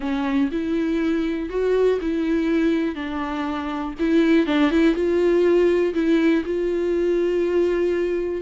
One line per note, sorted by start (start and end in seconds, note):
0.00 0.50 C#4
0.51 1.49 E4
1.49 1.99 F#4
2.01 2.95 E4
2.95 3.94 D4
3.99 4.46 E4
4.46 4.70 D4
4.70 4.94 E4
4.94 5.93 F4
5.94 6.43 E4
6.45 8.42 F4